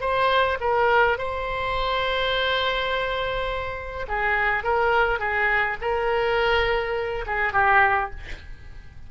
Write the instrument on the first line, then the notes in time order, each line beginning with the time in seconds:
oboe
0.00 C5
0.60 A#4
1.18 C5
4.08 G#4
4.64 A#4
5.19 G#4
5.81 A#4
7.26 G#4
7.53 G4